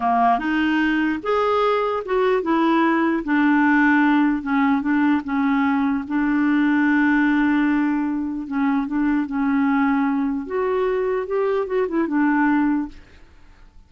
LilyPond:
\new Staff \with { instrumentName = "clarinet" } { \time 4/4 \tempo 4 = 149 ais4 dis'2 gis'4~ | gis'4 fis'4 e'2 | d'2. cis'4 | d'4 cis'2 d'4~ |
d'1~ | d'4 cis'4 d'4 cis'4~ | cis'2 fis'2 | g'4 fis'8 e'8 d'2 | }